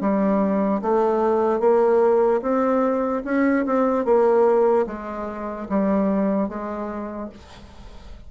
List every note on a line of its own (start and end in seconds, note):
0.00 0.81 G3
0.81 1.60 A3
1.60 2.41 A#3
2.41 3.22 C4
3.24 3.65 C#4
3.66 4.05 C4
4.05 4.86 A#3
4.86 5.68 G#3
5.69 6.48 G3
6.48 7.29 G#3